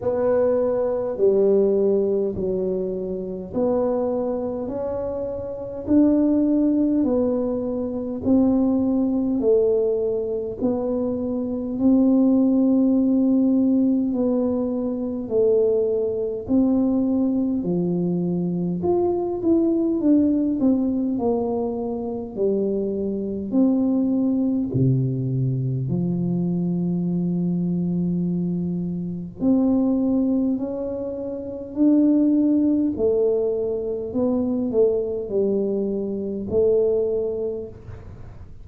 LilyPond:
\new Staff \with { instrumentName = "tuba" } { \time 4/4 \tempo 4 = 51 b4 g4 fis4 b4 | cis'4 d'4 b4 c'4 | a4 b4 c'2 | b4 a4 c'4 f4 |
f'8 e'8 d'8 c'8 ais4 g4 | c'4 c4 f2~ | f4 c'4 cis'4 d'4 | a4 b8 a8 g4 a4 | }